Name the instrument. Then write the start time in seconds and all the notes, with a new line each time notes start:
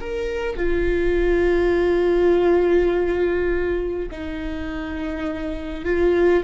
viola
0.00 A#4
0.56 F4
4.11 D#4
5.84 F4